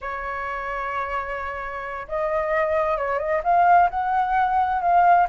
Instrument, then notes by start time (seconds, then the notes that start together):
flute
0.01 C#5
2.08 D#5
2.97 C#5
3.18 D#5
3.43 F5
3.90 F#5
4.81 F5